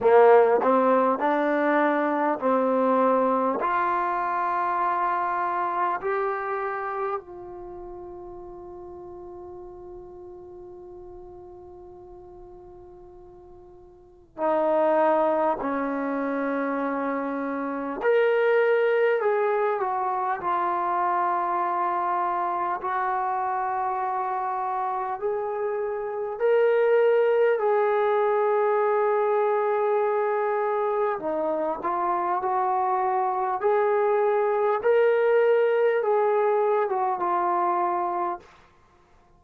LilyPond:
\new Staff \with { instrumentName = "trombone" } { \time 4/4 \tempo 4 = 50 ais8 c'8 d'4 c'4 f'4~ | f'4 g'4 f'2~ | f'1 | dis'4 cis'2 ais'4 |
gis'8 fis'8 f'2 fis'4~ | fis'4 gis'4 ais'4 gis'4~ | gis'2 dis'8 f'8 fis'4 | gis'4 ais'4 gis'8. fis'16 f'4 | }